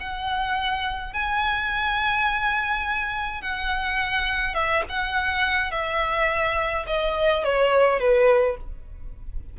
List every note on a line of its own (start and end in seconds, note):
0.00 1.13 F#5
1.13 3.42 G#5
3.42 4.55 F#5
4.55 4.83 E5
4.90 5.71 F#5
5.71 6.86 E5
6.87 7.44 D#5
7.44 8.00 C#5
8.00 8.57 B4